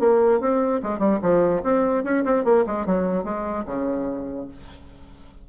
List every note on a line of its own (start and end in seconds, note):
0.00 0.41 A#3
0.41 0.82 C4
0.83 0.99 G#3
0.99 1.20 G3
1.22 1.63 F3
1.64 2.04 C4
2.04 2.25 C#4
2.25 2.45 C4
2.45 2.65 A#3
2.67 2.86 G#3
2.86 3.24 F#3
3.24 3.65 G#3
3.66 4.48 C#3